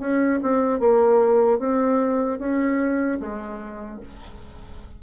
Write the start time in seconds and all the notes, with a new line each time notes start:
0.00 C#4
0.43 C4
0.80 A#3
1.59 C4
2.39 C#4
3.20 G#3